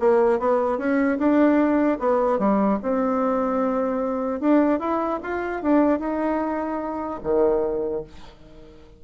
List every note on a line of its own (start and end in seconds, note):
0.00 0.40 A#3
0.40 0.78 B3
0.78 1.18 C#4
1.19 1.99 D4
2.00 2.39 B3
2.39 2.79 G3
2.83 4.41 C4
4.41 4.80 D4
4.80 5.20 E4
5.23 5.63 F4
5.63 6.00 D4
6.00 7.21 D#4
7.24 8.04 D#3